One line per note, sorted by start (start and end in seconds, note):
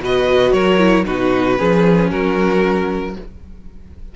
0.00 0.52 B2
0.00 0.79 F#4
0.00 0.54 B4
0.00 0.53 D#5
0.53 1.05 F#3
0.53 1.06 A#4
0.53 1.05 C#5
0.79 1.05 E4
1.06 1.60 B2
1.06 1.58 D#4
1.06 1.59 F#4
1.06 2.11 B4
1.58 2.12 F3
1.58 3.15 C#4
1.58 2.11 G#4
2.11 3.16 F#3
2.11 3.15 F#4
2.11 3.15 A#4